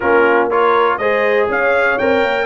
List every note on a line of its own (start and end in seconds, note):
0.00 0.98 A#3
0.00 0.51 C#4
0.00 0.49 F4
0.00 0.48 A#4
0.49 1.00 F4
0.49 0.98 A#4
0.49 0.97 C#5
0.97 1.47 G#3
0.97 1.99 G#4
0.97 1.48 C5
0.97 1.47 D#5
1.48 1.97 C#4
1.48 2.46 C#5
1.48 1.98 F5
1.98 2.23 C4
1.98 2.46 A#4
1.98 2.46 G5
2.23 2.46 A#3